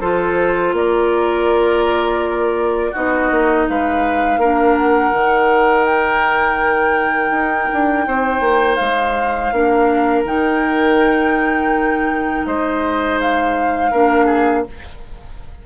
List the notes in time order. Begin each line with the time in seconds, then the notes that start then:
0.00 F3 F4 A4 C5
0.72 A#3 A#4 D5
2.91 B3 D#4 F#4 D#5
3.31 A#3
3.68 G#3 B4 F5
4.37 A#3 D4 A#4
4.77 F#5
5.13 D#3 D#4
5.85 G5
7.31 D#4
7.73 D4
8.07 C4 C5
8.40 A#3
8.76 G#3 F5
9.52 A#3 D4 A#4
10.25 D#3 D#4 G5
12.46 G#3 C5 D#5
13.20 F5
13.91 A#3 D4 A#4
14.25 G#4